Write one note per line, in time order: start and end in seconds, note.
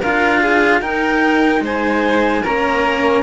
0.00 0.81 D4
0.00 0.82 F4
0.00 0.41 A#4
0.00 0.82 F5
0.43 0.82 G#4
0.81 1.61 D#4
0.81 2.44 D#4
0.81 1.63 A#4
0.81 1.63 G5
1.61 2.42 G#3
1.61 2.43 C5
1.61 2.45 G#5
2.43 3.23 A#3
2.43 3.23 C#4
2.43 3.23 A#4
2.43 3.23 A#5